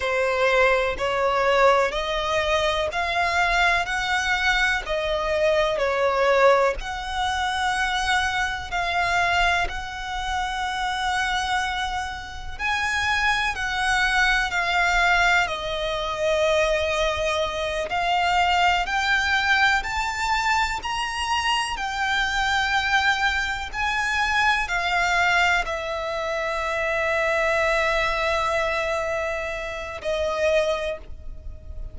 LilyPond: \new Staff \with { instrumentName = "violin" } { \time 4/4 \tempo 4 = 62 c''4 cis''4 dis''4 f''4 | fis''4 dis''4 cis''4 fis''4~ | fis''4 f''4 fis''2~ | fis''4 gis''4 fis''4 f''4 |
dis''2~ dis''8 f''4 g''8~ | g''8 a''4 ais''4 g''4.~ | g''8 gis''4 f''4 e''4.~ | e''2. dis''4 | }